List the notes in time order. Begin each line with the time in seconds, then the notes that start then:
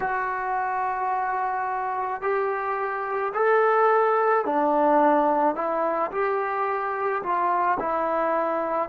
0.00 F#4
2.21 G4
3.34 A4
4.45 D4
5.55 E4
6.11 G4
7.22 F4
7.79 E4